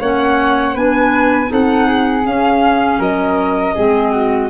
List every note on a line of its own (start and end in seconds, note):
0.00 0.75 A#3
0.00 0.75 C#4
0.00 0.74 C#5
0.00 0.76 F#5
0.74 1.50 B3
0.74 1.46 D4
0.74 1.49 B4
0.74 1.52 G#5
1.46 2.25 C4
1.46 2.21 D#4
1.46 1.87 A4
1.53 2.26 F#5
1.87 2.99 G#4
2.25 2.99 C#4
2.25 3.76 C#4
2.25 3.01 F5
2.99 3.74 F#3
2.99 3.74 A#4
2.99 4.50 D#5
3.74 4.50 G#3
3.74 4.50 C4
3.74 4.11 G#4
4.11 4.49 F#4